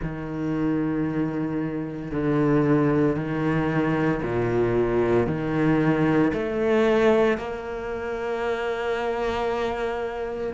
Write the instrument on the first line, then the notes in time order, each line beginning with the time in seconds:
cello
0.02 D#3
2.11 D3
3.16 D#3
4.22 A#2
5.26 D#3
6.33 A3
7.37 A#3